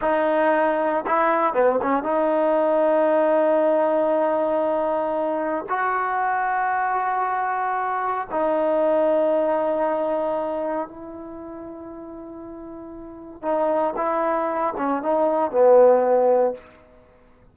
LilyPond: \new Staff \with { instrumentName = "trombone" } { \time 4/4 \tempo 4 = 116 dis'2 e'4 b8 cis'8 | dis'1~ | dis'2. fis'4~ | fis'1 |
dis'1~ | dis'4 e'2.~ | e'2 dis'4 e'4~ | e'8 cis'8 dis'4 b2 | }